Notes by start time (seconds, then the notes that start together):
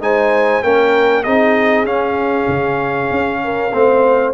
0.00 G#3 D#4 C5 G#5
0.63 A#3 C#4 A#4 G5
1.23 C4 D#4 G#4 D#5
1.84 C#4 F5
2.48 C#3
3.11 C#4
3.44 A#4
3.73 A3 C4 C5